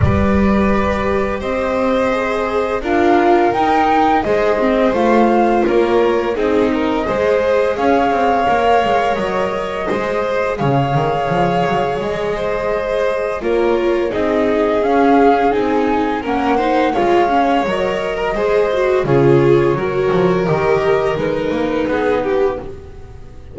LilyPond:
<<
  \new Staff \with { instrumentName = "flute" } { \time 4/4 \tempo 4 = 85 d''2 dis''2 | f''4 g''4 dis''4 f''4 | cis''4 dis''2 f''4~ | f''4 dis''2 f''4~ |
f''4 dis''2 cis''4 | dis''4 f''4 gis''4 fis''4 | f''4 dis''2 cis''4~ | cis''4 dis''4 b'2 | }
  \new Staff \with { instrumentName = "violin" } { \time 4/4 b'2 c''2 | ais'2 c''2 | ais'4 gis'8 ais'8 c''4 cis''4~ | cis''2 c''4 cis''4~ |
cis''4. c''4. ais'4 | gis'2. ais'8 c''8 | cis''4.~ cis''16 ais'16 c''4 gis'4 | ais'2. gis'8 g'8 | }
  \new Staff \with { instrumentName = "viola" } { \time 4/4 g'2. gis'4 | f'4 dis'4 gis'8 c'8 f'4~ | f'4 dis'4 gis'2 | ais'2 gis'2~ |
gis'2. f'4 | dis'4 cis'4 dis'4 cis'8 dis'8 | f'8 cis'8 ais'4 gis'8 fis'8 f'4 | fis'4 g'4 dis'2 | }
  \new Staff \with { instrumentName = "double bass" } { \time 4/4 g2 c'2 | d'4 dis'4 gis4 a4 | ais4 c'4 gis4 cis'8 c'8 | ais8 gis8 fis4 gis4 cis8 dis8 |
f8 fis8 gis2 ais4 | c'4 cis'4 c'4 ais4 | gis4 fis4 gis4 cis4 | fis8 f8 dis4 gis8 ais8 b4 | }
>>